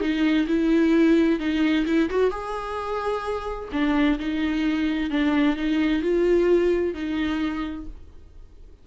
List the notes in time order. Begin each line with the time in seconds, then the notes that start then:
0.00 D#4
0.47 E4
1.39 D#4
1.86 E4
2.09 F#4
2.30 G#4
3.72 D4
4.19 D#4
5.10 D4
5.56 D#4
6.02 F4
6.94 D#4